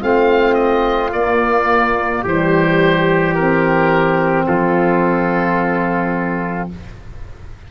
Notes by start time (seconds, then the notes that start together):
0.00 A3 C4 F4 F5
0.54 D#5
1.12 A#3 D5
2.23 E3 G3 G4 C5
3.34 C4 A#4
4.46 F3 F4 A4